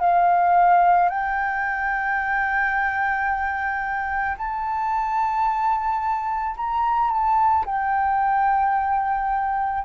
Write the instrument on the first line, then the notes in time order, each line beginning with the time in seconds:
flute
0.00 F5
1.09 G5
4.37 A5
6.57 A#5
7.11 A5
7.66 G5